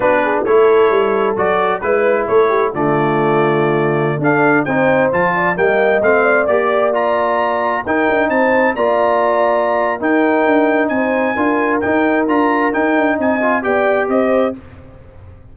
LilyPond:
<<
  \new Staff \with { instrumentName = "trumpet" } { \time 4/4 \tempo 4 = 132 b'4 cis''2 d''4 | b'4 cis''4 d''2~ | d''4~ d''16 f''4 g''4 a''8.~ | a''16 g''4 f''4 d''4 ais''8.~ |
ais''4~ ais''16 g''4 a''4 ais''8.~ | ais''2 g''2 | gis''2 g''4 ais''4 | g''4 gis''4 g''4 dis''4 | }
  \new Staff \with { instrumentName = "horn" } { \time 4/4 fis'8 gis'8 a'2. | b'4 a'8 g'8 f'2~ | f'4~ f'16 a'4 c''4. d''16~ | d''16 dis''4. d''2~ d''16~ |
d''4~ d''16 ais'4 c''4 d''8.~ | d''2 ais'2 | c''4 ais'2.~ | ais'4 dis''4 d''4 c''4 | }
  \new Staff \with { instrumentName = "trombone" } { \time 4/4 d'4 e'2 fis'4 | e'2 a2~ | a4~ a16 d'4 dis'4 f'8.~ | f'16 ais4 c'4 g'4 f'8.~ |
f'4~ f'16 dis'2 f'8.~ | f'2 dis'2~ | dis'4 f'4 dis'4 f'4 | dis'4. f'8 g'2 | }
  \new Staff \with { instrumentName = "tuba" } { \time 4/4 b4 a4 g4 fis4 | gis4 a4 d2~ | d4~ d16 d'4 c'4 f8.~ | f16 g4 a4 ais4.~ ais16~ |
ais4~ ais16 dis'8 d'8 c'4 ais8.~ | ais2 dis'4 d'4 | c'4 d'4 dis'4 d'4 | dis'8 d'8 c'4 b4 c'4 | }
>>